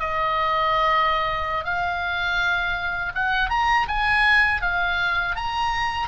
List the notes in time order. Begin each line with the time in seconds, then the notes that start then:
0.00 D#5
1.65 F5
3.15 F#5
3.50 A#5
3.89 G#5
4.62 F5
5.36 A#5